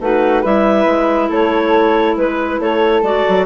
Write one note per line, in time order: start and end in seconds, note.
0.00 0.43 A3
0.00 0.45 D#4
0.00 0.41 F#4
0.00 0.44 B4
0.41 0.86 G3
0.41 3.04 E4
0.41 1.28 B4
0.41 1.31 E5
0.86 1.29 G#3
1.29 2.17 A3
1.29 2.16 A4
1.29 2.17 C#5
2.17 2.59 G#3
2.17 2.61 B4
2.59 3.02 A3
2.59 3.46 A4
2.59 3.03 C#5
3.02 3.24 G#3
3.02 3.46 F#4
3.02 3.46 D5
3.28 3.46 F#3